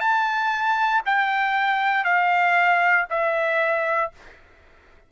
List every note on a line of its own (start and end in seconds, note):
0.00 1.02 A5
1.06 2.04 G5
2.04 3.06 F5
3.10 4.11 E5